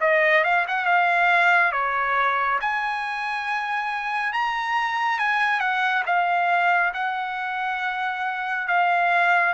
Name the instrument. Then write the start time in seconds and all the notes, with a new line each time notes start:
trumpet
0.00 D#5
0.43 F5
0.67 F#5
0.85 F5
1.72 C#5
2.60 G#5
4.32 A#5
5.18 G#5
5.59 F#5
6.06 F5
6.93 F#5
8.67 F5